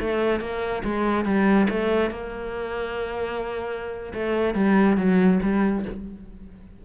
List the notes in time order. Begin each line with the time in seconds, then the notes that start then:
0.00 A3
0.40 A#3
0.85 G#3
1.25 G3
1.70 A3
2.11 A#3
4.14 A3
4.55 G3
4.97 F#3
5.43 G3